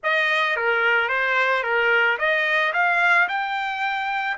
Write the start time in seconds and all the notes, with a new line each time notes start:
0.03 D#5
0.56 A#4
1.08 C5
1.63 A#4
2.18 D#5
2.73 F5
3.28 G5